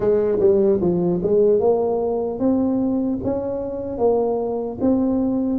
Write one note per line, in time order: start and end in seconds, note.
0.00 0.38 G#3
0.40 0.80 G3
0.81 1.21 F3
1.22 1.59 G#3
1.59 2.39 A#3
2.39 3.19 C4
3.24 3.97 C#4
3.97 4.77 A#3
4.80 5.59 C4